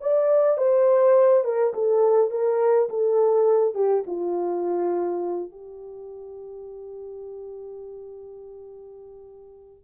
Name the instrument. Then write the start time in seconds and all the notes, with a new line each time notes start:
horn
0.00 D5
0.57 C5
1.44 A#4
1.73 A4
2.30 A#4
2.89 A4
3.74 G4
4.06 F4
5.50 G4